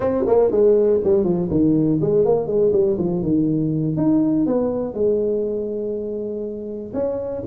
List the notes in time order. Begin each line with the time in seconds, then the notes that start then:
0.00 C4
0.26 A#3
0.51 G#3
1.03 G3
1.24 F3
1.50 D#3
2.01 G#3
2.25 A#3
2.46 G#3
2.72 G3
2.98 F3
3.22 D#3
3.97 D#4
4.46 B3
4.93 G#3
6.93 C#4